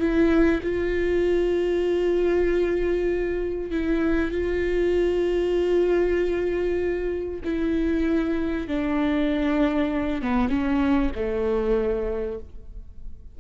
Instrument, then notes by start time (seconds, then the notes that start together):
viola
0.00 E4
0.63 F4
3.71 E4
4.32 F4
7.44 E4
8.68 D4
10.23 B3
10.50 C#4
11.16 A3